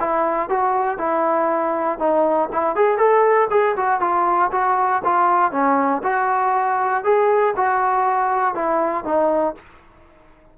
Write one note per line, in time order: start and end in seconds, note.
0.00 0.49 E4
0.49 0.98 F#4
0.98 1.99 E4
1.99 2.49 D#4
2.53 2.75 E4
2.75 2.98 G#4
2.98 3.48 A4
3.50 3.76 G#4
3.77 4.01 F#4
4.01 4.51 F4
4.52 5.02 F#4
5.04 5.52 F4
5.52 6.02 C#4
6.03 7.04 F#4
7.04 7.54 G#4
7.57 8.55 F#4
8.55 9.04 E4
9.04 9.55 D#4